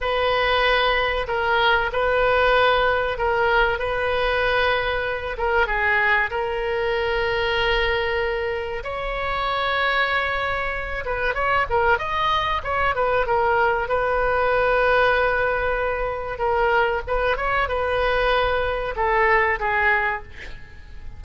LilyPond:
\new Staff \with { instrumentName = "oboe" } { \time 4/4 \tempo 4 = 95 b'2 ais'4 b'4~ | b'4 ais'4 b'2~ | b'8 ais'8 gis'4 ais'2~ | ais'2 cis''2~ |
cis''4. b'8 cis''8 ais'8 dis''4 | cis''8 b'8 ais'4 b'2~ | b'2 ais'4 b'8 cis''8 | b'2 a'4 gis'4 | }